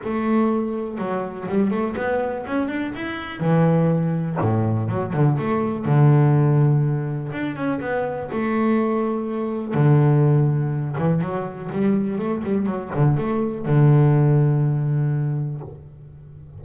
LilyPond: \new Staff \with { instrumentName = "double bass" } { \time 4/4 \tempo 4 = 123 a2 fis4 g8 a8 | b4 cis'8 d'8 e'4 e4~ | e4 a,4 fis8 d8 a4 | d2. d'8 cis'8 |
b4 a2. | d2~ d8 e8 fis4 | g4 a8 g8 fis8 d8 a4 | d1 | }